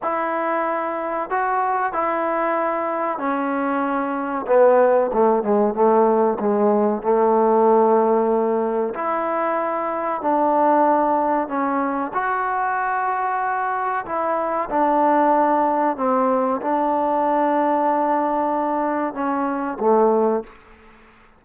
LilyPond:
\new Staff \with { instrumentName = "trombone" } { \time 4/4 \tempo 4 = 94 e'2 fis'4 e'4~ | e'4 cis'2 b4 | a8 gis8 a4 gis4 a4~ | a2 e'2 |
d'2 cis'4 fis'4~ | fis'2 e'4 d'4~ | d'4 c'4 d'2~ | d'2 cis'4 a4 | }